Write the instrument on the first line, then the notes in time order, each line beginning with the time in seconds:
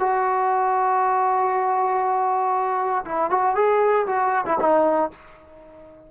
trombone
0.00 F#4
3.06 E4
3.31 F#4
3.55 G#4
4.07 F#4
4.46 E4
4.60 D#4